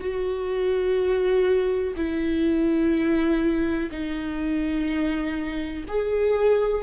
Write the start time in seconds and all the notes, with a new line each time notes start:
0.00 F#4
1.96 E4
3.91 D#4
5.88 G#4